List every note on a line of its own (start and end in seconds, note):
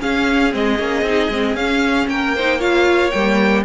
0.00 0.51 C#4
0.00 0.54 C#4
0.00 2.09 G#4
0.00 0.54 F5
0.51 0.79 G#3
0.51 0.77 C4
0.51 1.56 D#5
0.79 1.02 A#3
0.79 1.05 C#4
1.02 1.28 C4
1.02 1.32 D#4
1.29 1.55 G#3
1.29 1.58 C4
1.55 2.07 C#4
1.55 2.37 C#4
1.55 2.08 F5
2.08 3.12 A#3
2.08 2.36 A#4
2.08 2.61 G5
2.36 2.60 D#4
2.36 2.59 C5
2.59 3.12 F4
2.59 3.63 C#5
2.59 3.11 F5
3.11 3.65 G3
3.11 3.65 A#3
3.11 3.64 G5